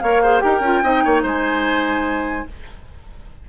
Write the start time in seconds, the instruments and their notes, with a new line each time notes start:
0.00 bassoon A#3, clarinet A#4, oboe C#5, flute F5
0.23 clarinet G#4, oboe C5
0.40 bassoon D#4, clarinet G4, oboe A#4, flute G5
0.60 bassoon C#4, clarinet F4
0.84 bassoon C4, clarinet D#4, oboe D#5
1.05 bassoon A#3, oboe C#5
1.23 bassoon G#3, oboe C5, flute G#5